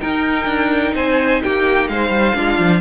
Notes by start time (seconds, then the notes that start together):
0.00 D#4 A#4 G5
0.45 D4
0.94 C4 C5 G#5
1.42 A#3 G4 G5
1.88 G#3 C5 F5
2.09 G3
2.34 G#3 D4 F4
2.58 F3